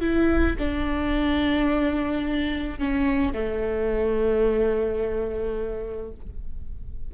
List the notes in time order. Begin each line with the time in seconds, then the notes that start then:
0.00 E4
0.58 D4
2.79 C#4
3.33 A3